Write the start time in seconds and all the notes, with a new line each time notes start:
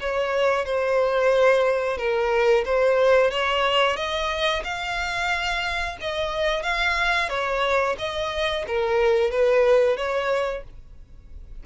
0.00 C#5
0.65 C5
1.98 A#4
2.65 C5
3.31 C#5
3.96 D#5
4.64 F5
6.01 D#5
6.62 F5
7.29 C#5
7.98 D#5
8.67 A#4
9.31 B4
9.97 C#5